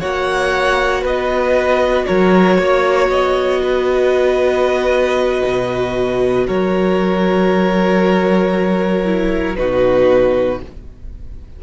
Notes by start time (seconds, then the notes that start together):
0.00 A#3 F#4 C#5 F#5
1.02 B3 B4 D#5
2.06 F#3 A#4 C#5
2.58 A#3 C#5
3.09 B3 D#5
3.63 B4
5.45 B2
6.47 F#3 A#4 C#5
9.05 E4
9.56 B2 D#4 F#4 B4